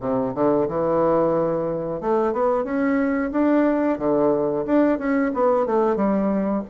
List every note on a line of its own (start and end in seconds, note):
0.00 0.33 C3
0.34 0.68 D3
0.68 2.01 E3
2.01 2.33 A3
2.33 2.64 B3
2.64 3.31 C#4
3.32 3.98 D4
3.98 4.65 D3
4.65 4.98 D4
4.98 5.32 C#4
5.34 5.66 B3
5.66 5.96 A3
5.96 6.63 G3